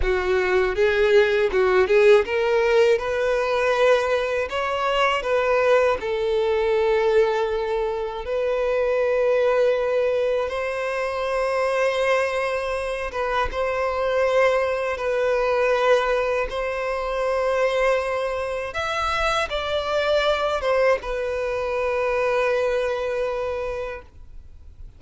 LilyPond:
\new Staff \with { instrumentName = "violin" } { \time 4/4 \tempo 4 = 80 fis'4 gis'4 fis'8 gis'8 ais'4 | b'2 cis''4 b'4 | a'2. b'4~ | b'2 c''2~ |
c''4. b'8 c''2 | b'2 c''2~ | c''4 e''4 d''4. c''8 | b'1 | }